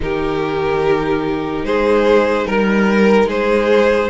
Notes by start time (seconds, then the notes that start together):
0.00 D#3 D#4 G4 A#4
1.64 G#3 G#4 C5
2.46 G3 A#4
3.25 G#3 G#4 C5